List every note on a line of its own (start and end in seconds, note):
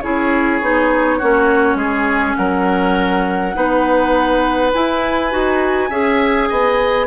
0.00 0.61 C#4
0.00 0.62 E4
0.00 1.18 G#4
0.00 2.35 C#5
0.61 1.20 B3
0.61 1.21 D#4
1.18 1.74 A#3
1.18 3.54 C#4
1.18 1.77 F#4
1.74 2.33 G#3
1.74 2.37 G#4
2.36 3.55 F#3
2.36 3.56 A#4
2.36 4.71 F#5
3.54 4.73 B3
3.54 4.72 D#4
3.54 5.89 B4
4.73 5.30 E4
4.73 5.33 E4
4.73 7.07 G#5
5.30 5.90 D#4
5.30 5.89 F#4
5.89 6.49 C#4
5.89 7.07 G#4
5.89 6.48 E5
6.49 7.07 B3
6.49 7.07 D#5